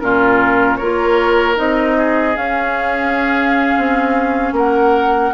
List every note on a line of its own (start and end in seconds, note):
0.00 0.81 A#2
0.00 0.80 C#4
0.00 0.78 F4
0.00 0.77 A#4
0.77 1.59 A#3
0.77 1.55 F4
0.77 1.97 A#4
0.77 1.56 C#5
1.55 2.36 C4
1.55 2.34 D#4
1.55 2.37 D#5
1.98 4.55 G#4
2.36 3.75 C#4
2.36 5.33 C#4
2.36 4.54 F5
3.78 4.53 C4
4.53 5.32 A#3
4.53 5.34 A#4
4.53 5.34 F#5